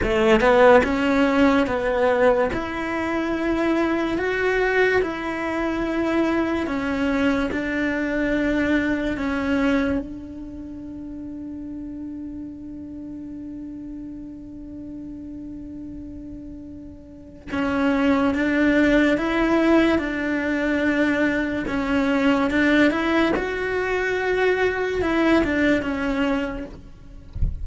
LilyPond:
\new Staff \with { instrumentName = "cello" } { \time 4/4 \tempo 4 = 72 a8 b8 cis'4 b4 e'4~ | e'4 fis'4 e'2 | cis'4 d'2 cis'4 | d'1~ |
d'1~ | d'4 cis'4 d'4 e'4 | d'2 cis'4 d'8 e'8 | fis'2 e'8 d'8 cis'4 | }